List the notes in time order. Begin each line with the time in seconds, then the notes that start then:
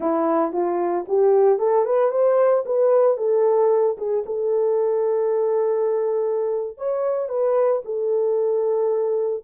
0.00 E4
0.52 F4
1.08 G4
1.59 A4
1.85 B4
2.11 C5
2.65 B4
3.17 A4
3.97 G#4
4.26 A4
6.77 C#5
7.28 B4
7.84 A4